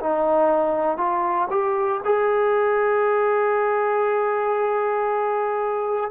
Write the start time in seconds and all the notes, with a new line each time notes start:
0.00 D#4
0.98 F4
1.51 G4
2.05 G#4